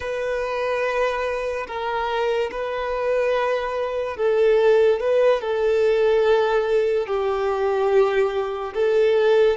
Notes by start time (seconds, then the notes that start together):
0.00 B4
1.67 A#4
2.51 B4
4.16 A4
5.00 B4
5.41 A4
7.06 G4
8.74 A4